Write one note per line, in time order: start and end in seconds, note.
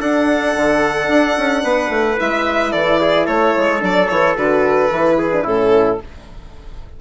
0.00 0.55 D4
0.00 2.16 D4
0.00 1.64 A4
0.00 2.19 F#5
0.56 1.08 D3
1.08 1.36 D4
1.37 1.63 C#4
1.63 1.89 B3
1.63 2.72 B4
1.89 2.16 A3
2.16 2.73 G#3
2.16 3.79 E4
2.16 2.72 E5
2.72 3.27 E3
2.72 2.99 A4
2.72 3.26 D5
3.00 3.26 G#4
3.26 3.54 A3
3.26 5.16 A4
3.26 3.81 C#5
3.56 3.82 G#3
3.79 4.09 F#3
3.79 4.07 D4
3.79 4.09 D5
4.09 4.36 E3
4.09 4.36 E4
4.09 4.36 C#5
4.36 4.90 D3
4.36 4.90 F#4
4.36 5.46 B4
4.90 5.45 E3
4.90 5.31 E4
5.17 5.43 G#4
5.32 5.45 D4
5.43 5.99 A2
5.43 5.99 C#4
5.43 5.98 E4
5.43 6.01 A4